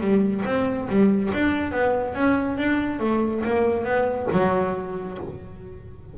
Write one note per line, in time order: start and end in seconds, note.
0.00 0.43 G3
0.45 0.88 C4
0.89 1.31 G3
1.33 1.71 D4
1.71 2.14 B3
2.14 2.57 C#4
2.57 2.99 D4
2.99 3.42 A3
3.44 3.84 A#3
3.84 4.27 B3
4.32 5.18 F#3